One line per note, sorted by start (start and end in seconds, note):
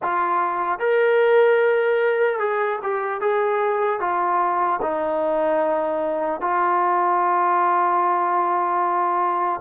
0.02 0.79 F4
0.79 2.39 A#4
2.39 2.79 G#4
2.82 3.20 G4
3.20 4.00 G#4
4.00 4.80 F4
4.81 6.40 D#4
6.40 9.60 F4